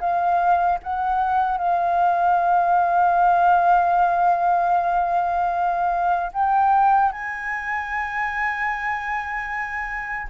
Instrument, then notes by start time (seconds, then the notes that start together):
flute
0.00 F5
0.83 F#5
1.58 F5
6.33 G5
7.12 G#5